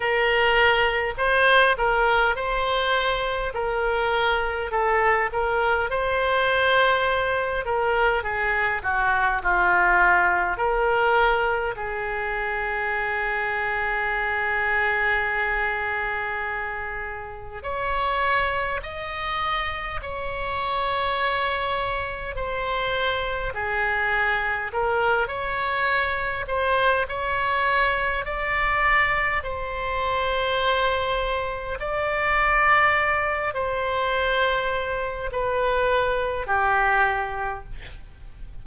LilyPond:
\new Staff \with { instrumentName = "oboe" } { \time 4/4 \tempo 4 = 51 ais'4 c''8 ais'8 c''4 ais'4 | a'8 ais'8 c''4. ais'8 gis'8 fis'8 | f'4 ais'4 gis'2~ | gis'2. cis''4 |
dis''4 cis''2 c''4 | gis'4 ais'8 cis''4 c''8 cis''4 | d''4 c''2 d''4~ | d''8 c''4. b'4 g'4 | }